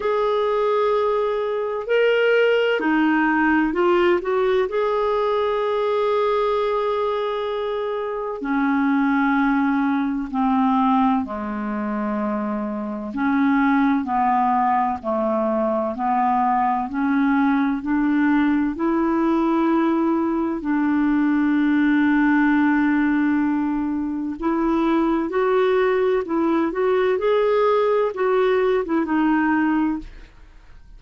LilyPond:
\new Staff \with { instrumentName = "clarinet" } { \time 4/4 \tempo 4 = 64 gis'2 ais'4 dis'4 | f'8 fis'8 gis'2.~ | gis'4 cis'2 c'4 | gis2 cis'4 b4 |
a4 b4 cis'4 d'4 | e'2 d'2~ | d'2 e'4 fis'4 | e'8 fis'8 gis'4 fis'8. e'16 dis'4 | }